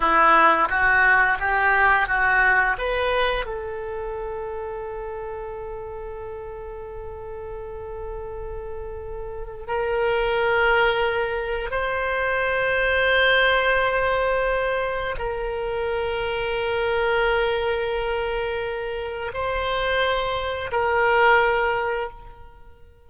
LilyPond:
\new Staff \with { instrumentName = "oboe" } { \time 4/4 \tempo 4 = 87 e'4 fis'4 g'4 fis'4 | b'4 a'2.~ | a'1~ | a'2 ais'2~ |
ais'4 c''2.~ | c''2 ais'2~ | ais'1 | c''2 ais'2 | }